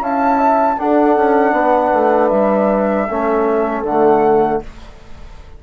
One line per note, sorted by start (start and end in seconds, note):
0.00 0.77 C#4
0.00 0.78 E4
0.00 0.38 F5
0.00 0.79 A5
0.38 0.76 E5
0.78 3.08 D4
0.78 1.17 D4
0.78 1.54 A4
0.78 2.29 F#5
1.17 1.52 C#4
1.52 1.91 B3
1.52 3.08 B4
1.93 2.31 A3
2.29 3.08 G3
2.29 3.82 E5
3.09 3.83 A3
3.09 3.86 C#4
3.09 4.62 A4
3.83 4.60 D3
3.83 4.63 A3
3.83 4.62 F#5